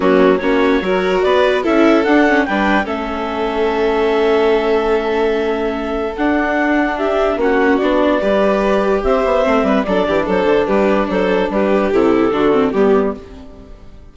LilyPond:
<<
  \new Staff \with { instrumentName = "clarinet" } { \time 4/4 \tempo 4 = 146 fis'4 cis''2 d''4 | e''4 fis''4 g''4 e''4~ | e''1~ | e''2. fis''4~ |
fis''4 e''4 fis''4 d''4~ | d''2 e''2 | d''4 c''4 b'4 c''4 | b'4 a'2 g'4 | }
  \new Staff \with { instrumentName = "violin" } { \time 4/4 cis'4 fis'4 ais'4 b'4 | a'2 b'4 a'4~ | a'1~ | a'1~ |
a'4 g'4 fis'2 | b'2 c''4. b'8 | a'8 g'8 a'4 g'4 a'4 | g'2 fis'4 g'4 | }
  \new Staff \with { instrumentName = "viola" } { \time 4/4 ais4 cis'4 fis'2 | e'4 d'8 cis'8 d'4 cis'4~ | cis'1~ | cis'2. d'4~ |
d'2 cis'4 d'4 | g'2. c'4 | d'1~ | d'4 e'4 d'8 c'8 b4 | }
  \new Staff \with { instrumentName = "bassoon" } { \time 4/4 fis4 ais4 fis4 b4 | cis'4 d'4 g4 a4~ | a1~ | a2. d'4~ |
d'2 ais4 b4 | g2 c'8 b8 a8 g8 | fis8 e8 fis8 d8 g4 fis4 | g4 c4 d4 g4 | }
>>